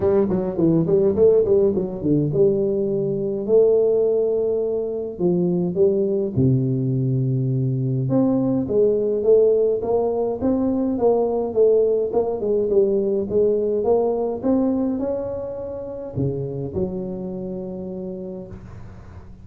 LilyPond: \new Staff \with { instrumentName = "tuba" } { \time 4/4 \tempo 4 = 104 g8 fis8 e8 g8 a8 g8 fis8 d8 | g2 a2~ | a4 f4 g4 c4~ | c2 c'4 gis4 |
a4 ais4 c'4 ais4 | a4 ais8 gis8 g4 gis4 | ais4 c'4 cis'2 | cis4 fis2. | }